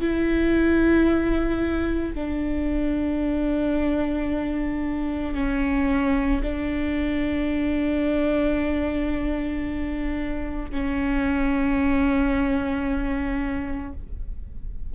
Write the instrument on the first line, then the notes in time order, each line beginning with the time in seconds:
viola
0.00 E4
2.14 D4
5.34 C#4
6.42 D4
10.71 C#4